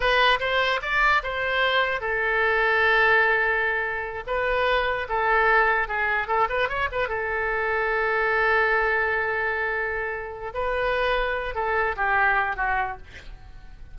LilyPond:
\new Staff \with { instrumentName = "oboe" } { \time 4/4 \tempo 4 = 148 b'4 c''4 d''4 c''4~ | c''4 a'2.~ | a'2~ a'8 b'4.~ | b'8 a'2 gis'4 a'8 |
b'8 cis''8 b'8 a'2~ a'8~ | a'1~ | a'2 b'2~ | b'8 a'4 g'4. fis'4 | }